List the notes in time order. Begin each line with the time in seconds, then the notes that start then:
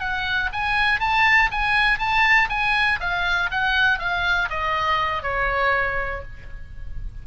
0.00 F#5
0.53 G#5
1.00 A5
1.52 G#5
1.98 A5
2.50 G#5
3.00 F5
3.51 F#5
3.99 F5
4.50 D#5
5.23 C#5